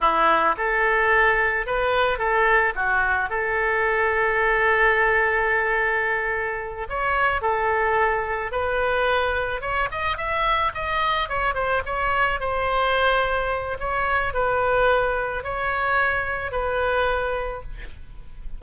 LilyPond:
\new Staff \with { instrumentName = "oboe" } { \time 4/4 \tempo 4 = 109 e'4 a'2 b'4 | a'4 fis'4 a'2~ | a'1~ | a'8 cis''4 a'2 b'8~ |
b'4. cis''8 dis''8 e''4 dis''8~ | dis''8 cis''8 c''8 cis''4 c''4.~ | c''4 cis''4 b'2 | cis''2 b'2 | }